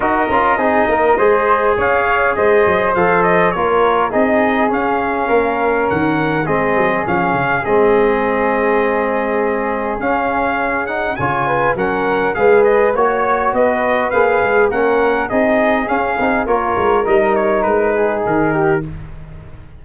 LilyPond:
<<
  \new Staff \with { instrumentName = "trumpet" } { \time 4/4 \tempo 4 = 102 dis''2. f''4 | dis''4 f''8 dis''8 cis''4 dis''4 | f''2 fis''4 dis''4 | f''4 dis''2.~ |
dis''4 f''4. fis''8 gis''4 | fis''4 f''8 dis''8 cis''4 dis''4 | f''4 fis''4 dis''4 f''4 | cis''4 dis''8 cis''8 b'4 ais'4 | }
  \new Staff \with { instrumentName = "flute" } { \time 4/4 ais'4 gis'8 ais'8 c''4 cis''4 | c''2 ais'4 gis'4~ | gis'4 ais'2 gis'4~ | gis'1~ |
gis'2. cis''8 b'8 | ais'4 b'4 cis''4 b'4~ | b'4 ais'4 gis'2 | ais'2~ ais'8 gis'4 g'8 | }
  \new Staff \with { instrumentName = "trombone" } { \time 4/4 fis'8 f'8 dis'4 gis'2~ | gis'4 a'4 f'4 dis'4 | cis'2. c'4 | cis'4 c'2.~ |
c'4 cis'4. dis'8 f'4 | cis'4 gis'4 fis'2 | gis'4 cis'4 dis'4 cis'8 dis'8 | f'4 dis'2. | }
  \new Staff \with { instrumentName = "tuba" } { \time 4/4 dis'8 cis'8 c'8 ais8 gis4 cis'4 | gis8 fis8 f4 ais4 c'4 | cis'4 ais4 dis4 gis8 fis8 | f8 cis8 gis2.~ |
gis4 cis'2 cis4 | fis4 gis4 ais4 b4 | ais8 gis8 ais4 c'4 cis'8 c'8 | ais8 gis8 g4 gis4 dis4 | }
>>